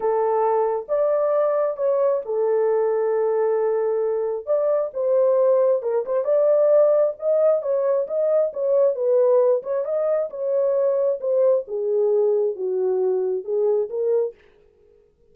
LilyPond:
\new Staff \with { instrumentName = "horn" } { \time 4/4 \tempo 4 = 134 a'2 d''2 | cis''4 a'2.~ | a'2 d''4 c''4~ | c''4 ais'8 c''8 d''2 |
dis''4 cis''4 dis''4 cis''4 | b'4. cis''8 dis''4 cis''4~ | cis''4 c''4 gis'2 | fis'2 gis'4 ais'4 | }